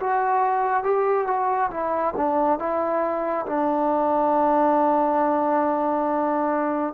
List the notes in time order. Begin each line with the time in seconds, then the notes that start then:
0.00 F#4
0.84 G4
1.27 F#4
1.71 E4
2.17 D4
2.59 E4
3.46 D4